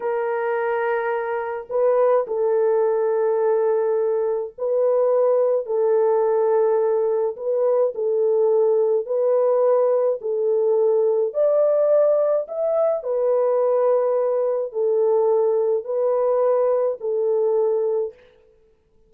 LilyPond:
\new Staff \with { instrumentName = "horn" } { \time 4/4 \tempo 4 = 106 ais'2. b'4 | a'1 | b'2 a'2~ | a'4 b'4 a'2 |
b'2 a'2 | d''2 e''4 b'4~ | b'2 a'2 | b'2 a'2 | }